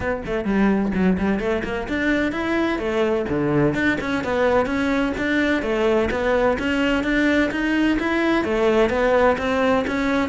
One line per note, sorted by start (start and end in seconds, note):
0.00 0.22 B3
0.26 0.45 A3
0.45 0.91 G3
0.94 1.17 F#3
1.18 1.39 G3
1.39 1.63 A3
1.64 1.87 A#3
1.88 2.31 D4
2.31 2.78 E4
2.78 3.25 A3
3.28 3.74 D3
3.74 3.97 D4
4.00 4.24 C#4
4.24 4.65 B3
4.65 5.12 C#4
5.17 5.62 D4
5.62 6.09 A3
6.10 6.57 B3
6.58 7.03 C#4
7.03 7.50 D4
7.51 7.98 D#4
7.99 8.44 E4
8.44 8.89 A3
8.89 9.36 B3
9.38 9.85 C4
9.87 10.29 C#4